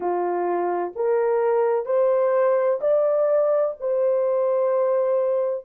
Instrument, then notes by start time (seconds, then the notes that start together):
horn
0.00 F4
0.95 A#4
1.85 C5
2.80 D5
3.80 C5